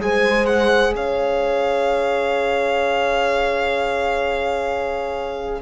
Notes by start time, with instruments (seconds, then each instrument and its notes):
0.00 cello G#3, trombone G#4, horn C5, violin G#5
0.46 violin F#5
0.94 cello C#4, horn C#5, violin F5